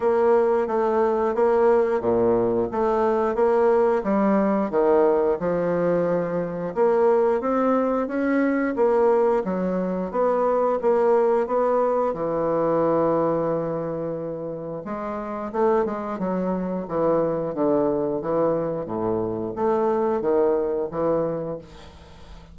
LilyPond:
\new Staff \with { instrumentName = "bassoon" } { \time 4/4 \tempo 4 = 89 ais4 a4 ais4 ais,4 | a4 ais4 g4 dis4 | f2 ais4 c'4 | cis'4 ais4 fis4 b4 |
ais4 b4 e2~ | e2 gis4 a8 gis8 | fis4 e4 d4 e4 | a,4 a4 dis4 e4 | }